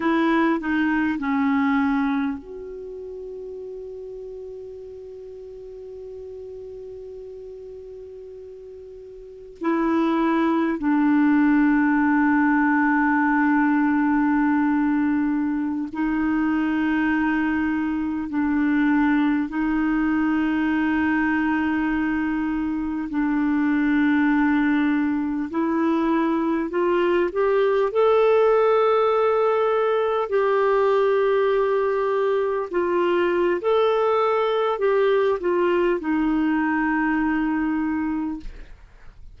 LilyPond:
\new Staff \with { instrumentName = "clarinet" } { \time 4/4 \tempo 4 = 50 e'8 dis'8 cis'4 fis'2~ | fis'1 | e'4 d'2.~ | d'4~ d'16 dis'2 d'8.~ |
d'16 dis'2. d'8.~ | d'4~ d'16 e'4 f'8 g'8 a'8.~ | a'4~ a'16 g'2 f'8. | a'4 g'8 f'8 dis'2 | }